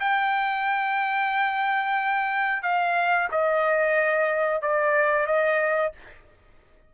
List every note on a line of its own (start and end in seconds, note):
0.00 2.63 G5
2.63 3.29 F5
3.32 4.62 D#5
4.62 5.27 D5
5.27 5.93 D#5